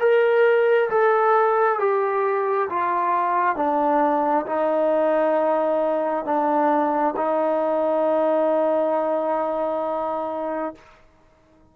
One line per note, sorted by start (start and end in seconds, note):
0.00 0.90 A#4
0.90 1.79 A4
1.79 2.69 G4
2.69 3.56 F4
3.56 4.45 D4
4.46 6.25 D#4
6.25 7.14 D4
7.16 10.74 D#4